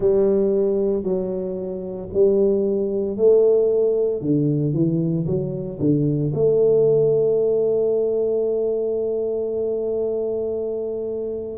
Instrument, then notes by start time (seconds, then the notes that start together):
tuba
0.00 G3
1.03 F#3
2.13 G3
3.16 A3
4.21 D3
4.73 E3
5.26 F#3
5.79 D3
6.34 A3